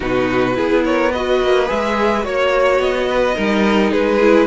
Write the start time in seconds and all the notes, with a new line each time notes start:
0.00 B2 D#4 F#4 B4
0.54 B3 E4 G#4
0.84 A#4 C#5
1.11 F#4 B4 D#5
1.42 A#3
1.66 G#3 G#4 E5
2.22 A#3 F#4 C#5
2.78 B3 D#5
3.08 B4
3.34 G3 D#4 A#4
3.90 G#3 G#4 B4
4.21 E4